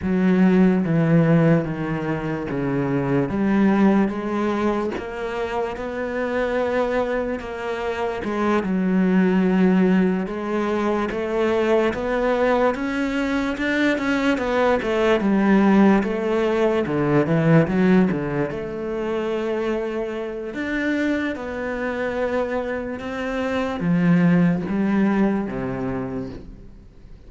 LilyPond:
\new Staff \with { instrumentName = "cello" } { \time 4/4 \tempo 4 = 73 fis4 e4 dis4 cis4 | g4 gis4 ais4 b4~ | b4 ais4 gis8 fis4.~ | fis8 gis4 a4 b4 cis'8~ |
cis'8 d'8 cis'8 b8 a8 g4 a8~ | a8 d8 e8 fis8 d8 a4.~ | a4 d'4 b2 | c'4 f4 g4 c4 | }